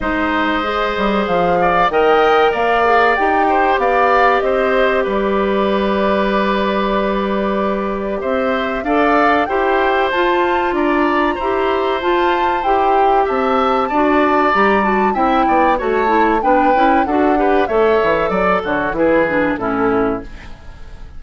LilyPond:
<<
  \new Staff \with { instrumentName = "flute" } { \time 4/4 \tempo 4 = 95 dis''2 f''4 g''4 | f''4 g''4 f''4 dis''4 | d''1~ | d''4 e''4 f''4 g''4 |
a''4 ais''2 a''4 | g''4 a''2 ais''8 a''8 | g''4 a''4 g''4 fis''4 | e''4 d''8 cis''8 b'4 a'4 | }
  \new Staff \with { instrumentName = "oboe" } { \time 4/4 c''2~ c''8 d''8 dis''4 | d''4. c''8 d''4 c''4 | b'1~ | b'4 c''4 d''4 c''4~ |
c''4 d''4 c''2~ | c''4 e''4 d''2 | e''8 d''8 cis''4 b'4 a'8 b'8 | cis''4 d''8 fis'8 gis'4 e'4 | }
  \new Staff \with { instrumentName = "clarinet" } { \time 4/4 dis'4 gis'2 ais'4~ | ais'8 gis'8 g'2.~ | g'1~ | g'2 a'4 g'4 |
f'2 g'4 f'4 | g'2 fis'4 g'8 fis'8 | e'4 fis'8 e'8 d'8 e'8 fis'8 g'8 | a'2 e'8 d'8 cis'4 | }
  \new Staff \with { instrumentName = "bassoon" } { \time 4/4 gis4. g8 f4 dis4 | ais4 dis'4 b4 c'4 | g1~ | g4 c'4 d'4 e'4 |
f'4 d'4 e'4 f'4 | e'4 c'4 d'4 g4 | c'8 b8 a4 b8 cis'8 d'4 | a8 e8 fis8 d8 e4 a,4 | }
>>